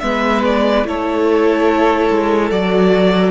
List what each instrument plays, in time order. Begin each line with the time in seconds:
0.00 cello G#3, viola B3, violin B4 E5
0.45 violin D5
0.85 cello A3, viola E4, violin A4 C#5
2.11 cello G#3
2.51 cello F#3, viola F#4, violin D5